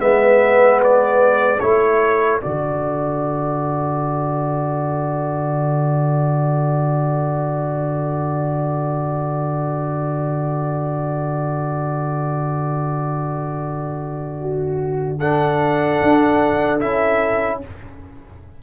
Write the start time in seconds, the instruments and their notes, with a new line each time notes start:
0.00 tuba G#3, trombone B3, horn B4, trumpet E5
0.84 trumpet D5
1.60 tuba A3, trombone E4, horn A4, trumpet C#5
2.42 tuba D3, trombone F#4, trumpet D5
14.41 horn F#4
15.19 trombone D4, horn A4, trumpet F#5
16.03 tuba D4
16.80 tuba C#4, trombone E4, trumpet E5